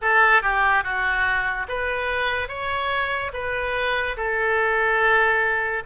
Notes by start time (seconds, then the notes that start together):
0.01 A4
0.42 G4
0.83 F#4
1.68 B4
2.48 C#5
3.33 B4
4.16 A4